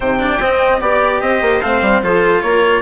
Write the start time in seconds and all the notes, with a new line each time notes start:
0.00 C3 D#4 C5 G5
0.19 D4 D5
0.38 C4 D#5
0.80 B3 G4 D5
1.21 C4 C5 D#5
1.41 A#3
1.61 A3 C4 F5
1.81 G3
2.02 F3 F4 A4 C5
2.41 A#3 A#4 C#5